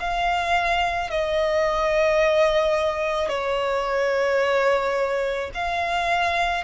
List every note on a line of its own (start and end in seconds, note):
0.00 1.10 F5
1.10 3.28 D#5
3.28 5.51 C#5
5.55 6.64 F5